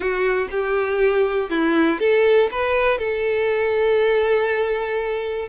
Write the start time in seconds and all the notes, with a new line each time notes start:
0.00 F#4
0.50 G4
1.50 E4
1.99 A4
2.51 B4
2.98 A4